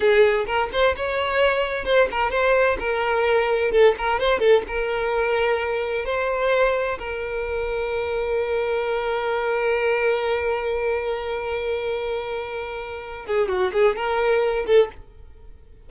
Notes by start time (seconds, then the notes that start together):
0.00 G#4
0.46 A#4
0.72 C5
0.96 C#5
1.84 C5
2.11 A#4
2.30 C5
2.79 A#4
3.71 A4
3.98 A#4
4.19 C5
4.39 A4
4.67 A#4
6.05 C5
6.99 A#4
13.26 G#4
13.48 F#4
13.73 G#4
13.95 A#4
14.66 A4